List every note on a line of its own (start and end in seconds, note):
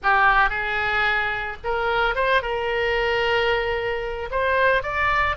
0.02 0.49 G4
0.49 1.56 G#4
1.64 2.15 A#4
2.15 2.42 C5
2.42 4.29 A#4
4.31 4.82 C5
4.82 5.36 D5